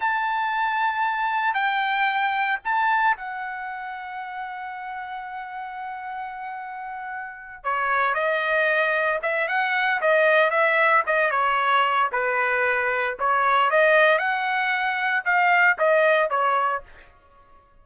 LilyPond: \new Staff \with { instrumentName = "trumpet" } { \time 4/4 \tempo 4 = 114 a''2. g''4~ | g''4 a''4 fis''2~ | fis''1~ | fis''2~ fis''8 cis''4 dis''8~ |
dis''4. e''8 fis''4 dis''4 | e''4 dis''8 cis''4. b'4~ | b'4 cis''4 dis''4 fis''4~ | fis''4 f''4 dis''4 cis''4 | }